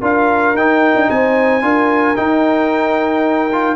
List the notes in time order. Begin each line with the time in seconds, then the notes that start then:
0.00 D4 F4 A#4 F5
0.54 D#4 G5
0.95 D4
1.10 C4 C5 G#5
1.62 D4 F4 A#4
2.16 D#4 G5
3.53 F4